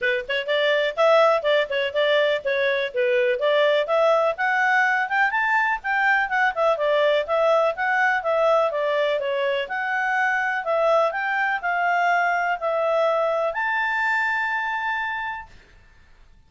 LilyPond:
\new Staff \with { instrumentName = "clarinet" } { \time 4/4 \tempo 4 = 124 b'8 cis''8 d''4 e''4 d''8 cis''8 | d''4 cis''4 b'4 d''4 | e''4 fis''4. g''8 a''4 | g''4 fis''8 e''8 d''4 e''4 |
fis''4 e''4 d''4 cis''4 | fis''2 e''4 g''4 | f''2 e''2 | a''1 | }